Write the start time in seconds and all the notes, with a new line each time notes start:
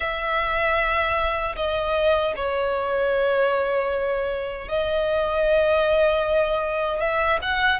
0.00 E5
1.56 D#5
2.36 C#5
4.68 D#5
7.00 E5
7.42 F#5